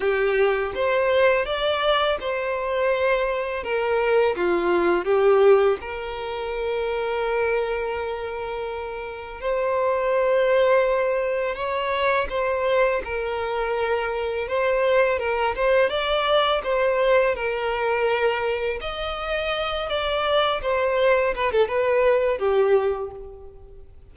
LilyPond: \new Staff \with { instrumentName = "violin" } { \time 4/4 \tempo 4 = 83 g'4 c''4 d''4 c''4~ | c''4 ais'4 f'4 g'4 | ais'1~ | ais'4 c''2. |
cis''4 c''4 ais'2 | c''4 ais'8 c''8 d''4 c''4 | ais'2 dis''4. d''8~ | d''8 c''4 b'16 a'16 b'4 g'4 | }